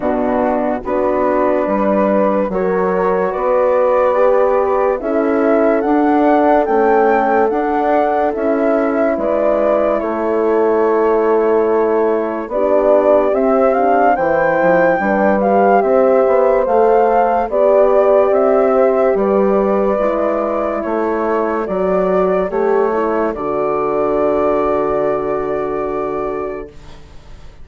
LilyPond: <<
  \new Staff \with { instrumentName = "flute" } { \time 4/4 \tempo 4 = 72 fis'4 b'2 cis''4 | d''2 e''4 fis''4 | g''4 fis''4 e''4 d''4 | cis''2. d''4 |
e''8 f''8 g''4. f''8 e''4 | f''4 d''4 e''4 d''4~ | d''4 cis''4 d''4 cis''4 | d''1 | }
  \new Staff \with { instrumentName = "horn" } { \time 4/4 d'4 fis'4 b'4 ais'4 | b'2 a'2~ | a'2. b'4 | a'2. g'4~ |
g'4 c''4 b'4 c''4~ | c''4 d''4. c''8 b'4~ | b'4 a'2.~ | a'1 | }
  \new Staff \with { instrumentName = "horn" } { \time 4/4 b4 d'2 fis'4~ | fis'4 g'4 e'4 d'4 | cis'4 d'4 e'2~ | e'2. d'4 |
c'8 d'8 e'4 d'8 g'4. | a'4 g'2. | e'2 fis'4 g'8 e'8 | fis'1 | }
  \new Staff \with { instrumentName = "bassoon" } { \time 4/4 b,4 b4 g4 fis4 | b2 cis'4 d'4 | a4 d'4 cis'4 gis4 | a2. b4 |
c'4 e8 f8 g4 c'8 b8 | a4 b4 c'4 g4 | gis4 a4 fis4 a4 | d1 | }
>>